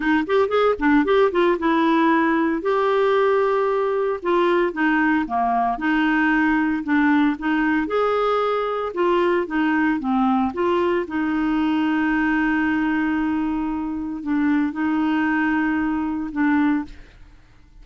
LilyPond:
\new Staff \with { instrumentName = "clarinet" } { \time 4/4 \tempo 4 = 114 dis'8 g'8 gis'8 d'8 g'8 f'8 e'4~ | e'4 g'2. | f'4 dis'4 ais4 dis'4~ | dis'4 d'4 dis'4 gis'4~ |
gis'4 f'4 dis'4 c'4 | f'4 dis'2.~ | dis'2. d'4 | dis'2. d'4 | }